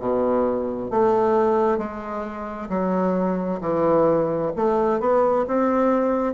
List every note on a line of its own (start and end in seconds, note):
0.00 0.91 B2
0.91 1.78 A3
1.78 2.69 G#3
2.70 3.61 F#3
3.61 4.52 E3
4.57 5.00 A3
5.00 5.45 B3
5.48 6.34 C4